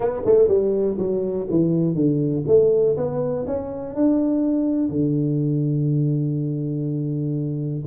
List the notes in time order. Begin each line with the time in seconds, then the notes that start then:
0.00 B3
0.25 A3
0.48 G3
0.98 F#3
1.50 E3
1.94 D3
2.47 A3
2.96 B3
3.46 C#4
3.95 D4
4.89 D3